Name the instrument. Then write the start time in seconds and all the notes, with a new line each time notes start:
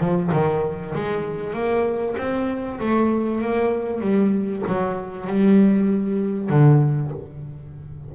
double bass
0.00 F3
0.33 D#3
0.95 G#3
1.54 A#3
2.18 C4
2.80 A3
3.42 A#3
4.01 G3
4.68 F#3
5.27 G3
6.50 D3